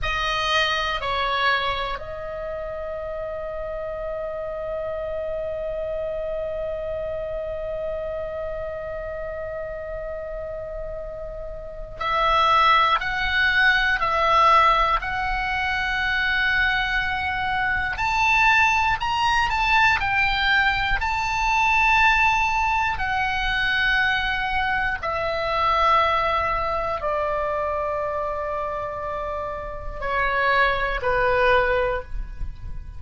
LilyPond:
\new Staff \with { instrumentName = "oboe" } { \time 4/4 \tempo 4 = 60 dis''4 cis''4 dis''2~ | dis''1~ | dis''1 | e''4 fis''4 e''4 fis''4~ |
fis''2 a''4 ais''8 a''8 | g''4 a''2 fis''4~ | fis''4 e''2 d''4~ | d''2 cis''4 b'4 | }